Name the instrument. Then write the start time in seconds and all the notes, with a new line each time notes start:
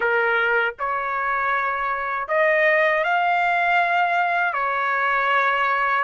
trumpet
0.00 A#4
0.79 C#5
2.28 D#5
3.04 F5
4.53 C#5